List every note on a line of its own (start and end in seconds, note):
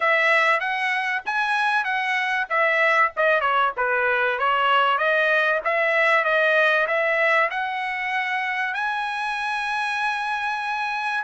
0.00 0.60 E5
0.60 1.22 F#5
1.25 1.84 G#5
1.84 2.46 F#5
2.49 3.12 E5
3.16 3.41 D#5
3.41 3.72 C#5
3.77 4.39 B4
4.39 4.97 C#5
4.97 5.60 D#5
5.64 6.24 E5
6.24 6.86 D#5
6.87 7.49 E5
7.50 8.74 F#5
8.74 11.24 G#5